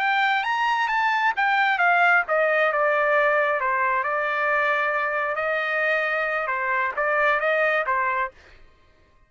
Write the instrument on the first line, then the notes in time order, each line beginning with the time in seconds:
trumpet
0.00 G5
0.44 A#5
0.89 A5
1.37 G5
1.79 F5
2.28 D#5
2.73 D5
3.61 C5
4.04 D5
5.36 D#5
6.47 C5
6.97 D5
7.40 D#5
7.87 C5